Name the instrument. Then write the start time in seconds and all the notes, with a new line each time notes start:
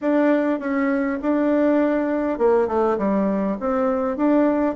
bassoon
0.01 D4
0.59 C#4
1.22 D4
2.38 A#3
2.67 A3
2.98 G3
3.60 C4
4.16 D4